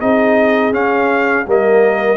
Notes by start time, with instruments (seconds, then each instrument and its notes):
0.00 tuba C4, trombone D#4, horn G#4, trumpet D#5
0.72 trombone C#4, tuba C#4, trumpet F5
1.47 tuba G3, trombone A#3, horn A#4, trumpet D#5